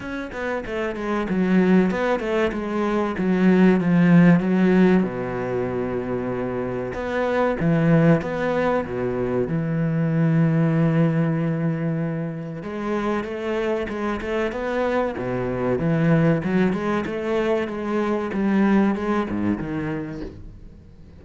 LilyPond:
\new Staff \with { instrumentName = "cello" } { \time 4/4 \tempo 4 = 95 cis'8 b8 a8 gis8 fis4 b8 a8 | gis4 fis4 f4 fis4 | b,2. b4 | e4 b4 b,4 e4~ |
e1 | gis4 a4 gis8 a8 b4 | b,4 e4 fis8 gis8 a4 | gis4 g4 gis8 gis,8 dis4 | }